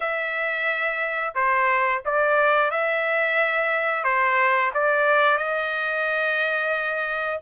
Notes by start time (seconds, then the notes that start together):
0.00 E5
1.35 C5
2.05 D5
2.71 E5
4.04 C5
4.74 D5
5.37 D#5